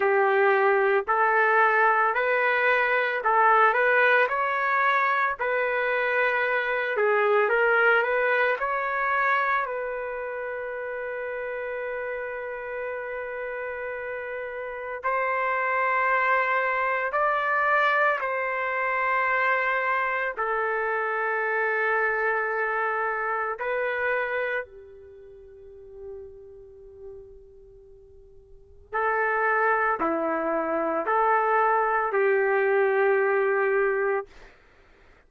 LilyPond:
\new Staff \with { instrumentName = "trumpet" } { \time 4/4 \tempo 4 = 56 g'4 a'4 b'4 a'8 b'8 | cis''4 b'4. gis'8 ais'8 b'8 | cis''4 b'2.~ | b'2 c''2 |
d''4 c''2 a'4~ | a'2 b'4 g'4~ | g'2. a'4 | e'4 a'4 g'2 | }